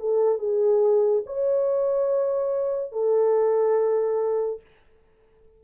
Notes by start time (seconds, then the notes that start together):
0.00 A4
0.38 G#4
1.26 C#5
2.92 A4